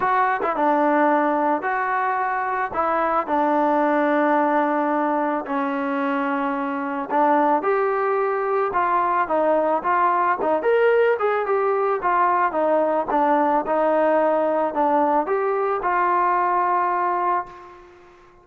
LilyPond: \new Staff \with { instrumentName = "trombone" } { \time 4/4 \tempo 4 = 110 fis'8. e'16 d'2 fis'4~ | fis'4 e'4 d'2~ | d'2 cis'2~ | cis'4 d'4 g'2 |
f'4 dis'4 f'4 dis'8 ais'8~ | ais'8 gis'8 g'4 f'4 dis'4 | d'4 dis'2 d'4 | g'4 f'2. | }